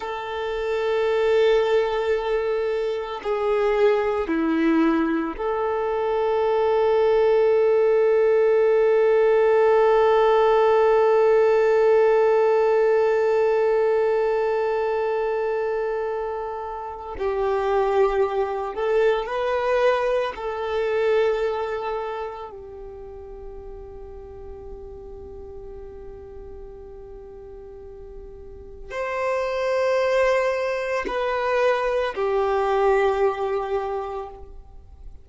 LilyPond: \new Staff \with { instrumentName = "violin" } { \time 4/4 \tempo 4 = 56 a'2. gis'4 | e'4 a'2.~ | a'1~ | a'1 |
g'4. a'8 b'4 a'4~ | a'4 g'2.~ | g'2. c''4~ | c''4 b'4 g'2 | }